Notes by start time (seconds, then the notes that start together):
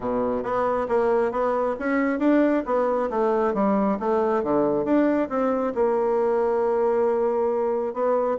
0.00 B2
0.43 B3
0.88 A#3
1.31 B3
1.79 C#4
2.19 D4
2.65 B3
3.10 A3
3.54 G3
3.99 A3
4.43 D3
4.84 D4
5.29 C4
5.74 A#3
7.93 B3